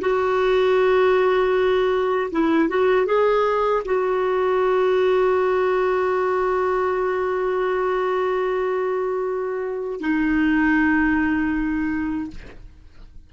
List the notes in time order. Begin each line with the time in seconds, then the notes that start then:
0.00 F#4
2.31 E4
2.69 F#4
3.06 G#4
3.85 F#4
10.00 D#4